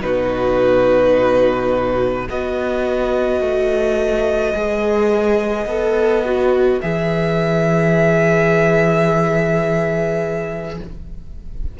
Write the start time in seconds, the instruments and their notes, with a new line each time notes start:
0.00 cello B2, viola D#4, violin F#4 B4
2.28 cello B3, viola F#4, violin B4 D#5
3.40 cello A3
4.54 cello G#3, viola G#4
5.65 cello B3, viola A4
6.24 viola F#4
6.80 cello E3, viola G#4, violin E5